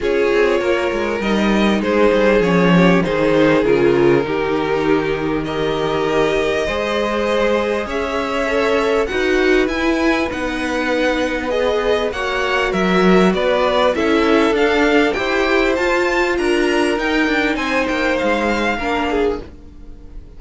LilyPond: <<
  \new Staff \with { instrumentName = "violin" } { \time 4/4 \tempo 4 = 99 cis''2 dis''4 c''4 | cis''4 c''4 ais'2~ | ais'4 dis''2.~ | dis''4 e''2 fis''4 |
gis''4 fis''2 dis''4 | fis''4 e''4 d''4 e''4 | f''4 g''4 a''4 ais''4 | g''4 gis''8 g''8 f''2 | }
  \new Staff \with { instrumentName = "violin" } { \time 4/4 gis'4 ais'2 gis'4~ | gis'8 g'8 gis'2 g'4~ | g'4 ais'2 c''4~ | c''4 cis''2 b'4~ |
b'1 | cis''4 ais'4 b'4 a'4~ | a'4 c''2 ais'4~ | ais'4 c''2 ais'8 gis'8 | }
  \new Staff \with { instrumentName = "viola" } { \time 4/4 f'2 dis'2 | cis'4 dis'4 f'4 dis'4~ | dis'4 g'2 gis'4~ | gis'2 a'4 fis'4 |
e'4 dis'2 gis'4 | fis'2. e'4 | d'4 g'4 f'2 | dis'2. d'4 | }
  \new Staff \with { instrumentName = "cello" } { \time 4/4 cis'8 c'8 ais8 gis8 g4 gis8 g8 | f4 dis4 cis4 dis4~ | dis2. gis4~ | gis4 cis'2 dis'4 |
e'4 b2. | ais4 fis4 b4 cis'4 | d'4 e'4 f'4 d'4 | dis'8 d'8 c'8 ais8 gis4 ais4 | }
>>